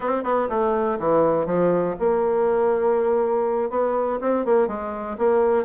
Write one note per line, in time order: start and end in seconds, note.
0.00 0.23 C4
0.23 0.48 B3
0.49 0.98 A3
0.99 1.46 E3
1.46 1.95 F3
1.99 3.70 A#3
3.70 4.19 B3
4.20 4.45 C4
4.45 4.67 A#3
4.67 5.16 G#3
5.18 5.64 A#3